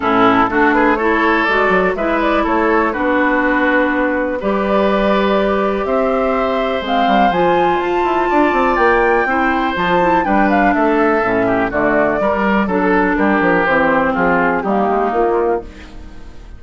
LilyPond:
<<
  \new Staff \with { instrumentName = "flute" } { \time 4/4 \tempo 4 = 123 a'4. b'8 cis''4 d''4 | e''8 d''8 cis''4 b'2~ | b'4 d''2. | e''2 f''4 gis''4 |
a''2 g''2 | a''4 g''8 f''8 e''2 | d''2 a'4 ais'4 | c''4 gis'4 g'4 f'4 | }
  \new Staff \with { instrumentName = "oboe" } { \time 4/4 e'4 fis'8 gis'8 a'2 | b'4 a'4 fis'2~ | fis'4 b'2. | c''1~ |
c''4 d''2 c''4~ | c''4 b'4 a'4. g'8 | fis'4 ais'4 a'4 g'4~ | g'4 f'4 dis'2 | }
  \new Staff \with { instrumentName = "clarinet" } { \time 4/4 cis'4 d'4 e'4 fis'4 | e'2 d'2~ | d'4 g'2.~ | g'2 c'4 f'4~ |
f'2. e'4 | f'8 e'8 d'2 cis'4 | a4 g4 d'2 | c'2 ais2 | }
  \new Staff \with { instrumentName = "bassoon" } { \time 4/4 a,4 a2 gis8 fis8 | gis4 a4 b2~ | b4 g2. | c'2 gis8 g8 f4 |
f'8 e'8 d'8 c'8 ais4 c'4 | f4 g4 a4 a,4 | d4 g4 fis4 g8 f8 | e4 f4 g8 gis8 ais4 | }
>>